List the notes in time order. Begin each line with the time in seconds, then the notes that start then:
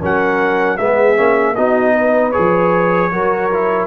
0.00 F#3 C#4 A#4 F#5
0.77 G#3 B3 G#4 E5
1.16 A#3 C#4
1.55 B3 D#4 F#4 D#5
1.96 B4
2.32 G#4 C#5
2.38 F3
3.12 F#3 F#4 A#4
3.51 E4